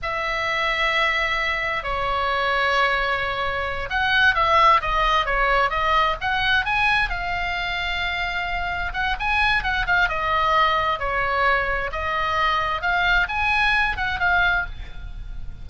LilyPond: \new Staff \with { instrumentName = "oboe" } { \time 4/4 \tempo 4 = 131 e''1 | cis''1~ | cis''8 fis''4 e''4 dis''4 cis''8~ | cis''8 dis''4 fis''4 gis''4 f''8~ |
f''2.~ f''8 fis''8 | gis''4 fis''8 f''8 dis''2 | cis''2 dis''2 | f''4 gis''4. fis''8 f''4 | }